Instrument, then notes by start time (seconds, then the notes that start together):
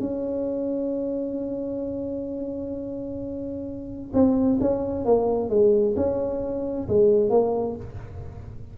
tuba
0.00 C#4
4.13 C4
4.61 C#4
5.05 A#3
5.50 G#3
5.96 C#4
6.88 G#3
7.30 A#3